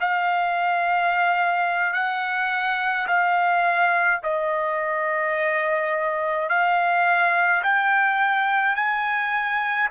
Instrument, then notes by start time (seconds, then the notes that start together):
trumpet
0.00 F5
1.93 F#5
3.07 F5
4.23 D#5
6.49 F5
7.63 G5
8.75 G#5